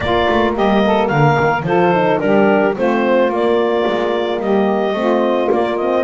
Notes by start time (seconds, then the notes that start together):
0.00 A#3 F4 D5
0.29 A3
0.55 G3 G4 D#5
0.85 A4
1.07 D3 A#4 F5
1.39 D#3
1.62 F3 F4 A4 C5
1.93 D#4
2.19 G3 D4 G4 A#4
2.76 A3 C4 F4 C5
3.29 A#3 D5
3.86 G#3
4.39 G3 G4 D#5
4.93 A3 C4 F4
5.51 A#3 D5
5.76 C4 D#5